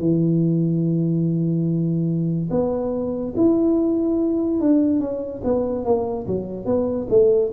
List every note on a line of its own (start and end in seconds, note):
0.00 2.50 E3
2.51 3.34 B3
3.37 4.61 E4
4.61 5.00 D4
5.00 5.42 C#4
5.44 5.85 B3
5.85 6.27 A#3
6.27 6.66 F#3
6.66 7.08 B3
7.10 7.52 A3